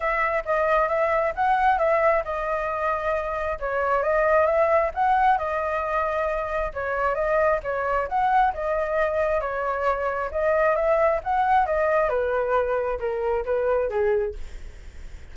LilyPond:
\new Staff \with { instrumentName = "flute" } { \time 4/4 \tempo 4 = 134 e''4 dis''4 e''4 fis''4 | e''4 dis''2. | cis''4 dis''4 e''4 fis''4 | dis''2. cis''4 |
dis''4 cis''4 fis''4 dis''4~ | dis''4 cis''2 dis''4 | e''4 fis''4 dis''4 b'4~ | b'4 ais'4 b'4 gis'4 | }